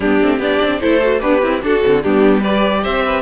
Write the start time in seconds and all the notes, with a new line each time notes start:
0.00 G3 B3 D4 G4
0.21 A3 C4
0.38 B3 D4 G4 D5
0.61 C4
0.80 A3 E4 A4 C5
1.01 F#4
1.19 B3 D4 G4 B4
1.42 C4 E4
1.62 D4 F#4 A4
1.83 D3 C4
2.03 G3 B3 D4 G4
2.40 G4 B4 D5
2.83 C4 C5 E5
3.05 B4